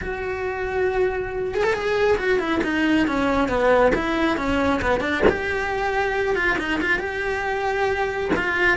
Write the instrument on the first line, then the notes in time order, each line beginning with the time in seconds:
cello
0.01 F#4
1.54 G#4
1.63 A4
1.73 G#4
2.17 F#4
2.39 E4
2.63 D#4
3.07 C#4
3.48 B3
3.95 E4
4.37 C#4
4.81 B3
5.00 D4
5.29 G4
6.35 F4
6.58 D#4
6.81 F4
6.99 G4
8.35 F4